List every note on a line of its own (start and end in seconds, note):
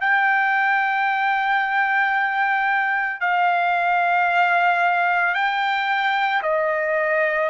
0.00 3.20 G5
3.20 5.34 F5
5.34 6.41 G5
6.42 7.49 D#5